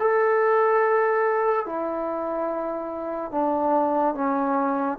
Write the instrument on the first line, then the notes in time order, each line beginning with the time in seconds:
trombone
0.00 A4
1.66 E4
3.32 D4
4.15 C#4